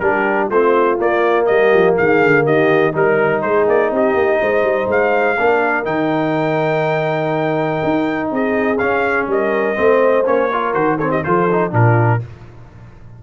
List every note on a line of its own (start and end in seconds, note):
0.00 0.50 G3
0.00 0.52 D4
0.00 0.49 G4
0.00 0.49 A#4
0.49 0.99 A3
0.49 0.98 C4
0.49 1.47 F4
0.49 1.00 C5
0.98 2.93 A#3
0.98 1.49 A#3
0.98 1.46 D5
1.46 1.74 G3
1.46 1.97 G4
1.46 1.95 D#5
1.74 1.98 F3
1.97 2.23 D#3
1.97 2.45 G#4
1.97 2.47 F5
2.23 2.46 D3
2.45 2.95 D#3
2.45 2.94 G4
2.45 2.95 D#5
2.93 3.44 G3
2.93 5.37 D#4
2.93 3.44 A#4
2.93 3.42 A#4
3.42 3.67 G#3
3.42 3.92 G#4
3.42 3.67 C5
3.67 3.91 A#3
3.67 3.93 D5
3.91 4.14 C4
3.91 4.41 G4
3.91 4.91 D#5
4.14 4.39 A#3
4.41 4.63 G#3
4.41 5.38 C5
4.63 4.88 G3
4.88 5.37 G#3
4.88 5.86 F5
5.39 5.86 A#3
5.39 5.85 D4
5.39 8.32 A#4
5.85 7.81 D#3
5.85 8.78 D#4
5.85 8.30 G5
7.85 8.32 D#4
8.32 8.80 C4
8.32 9.30 G#4
8.32 8.79 D#5
8.79 9.75 C#4
8.79 9.28 C#4
8.79 9.27 F5
9.28 9.77 G3
9.28 9.79 A#4
9.28 10.27 D#5
9.75 10.27 A3
9.75 10.24 C4
9.81 10.52 C5
10.25 10.75 A#3
10.25 10.50 C#4
10.25 10.74 C#5
10.52 10.74 F4
10.52 10.97 A#4
10.74 11.23 D#3
10.74 10.99 F#4
10.74 10.98 C5
10.97 11.24 C4
10.97 11.10 A4
10.97 11.11 C#5
11.10 11.22 G4
11.10 11.24 D#5
11.24 11.73 F3
11.24 11.49 F4
11.24 11.73 A4
11.24 11.73 C5
11.52 11.71 D#4
11.71 12.22 A#2
11.71 12.20 D4
11.71 12.21 F4
11.71 12.24 A#4